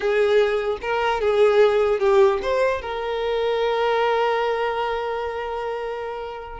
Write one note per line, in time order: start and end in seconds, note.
0.00 0.78 G#4
0.81 1.20 A#4
1.20 1.99 G#4
1.99 2.39 G4
2.42 2.81 C5
2.81 6.59 A#4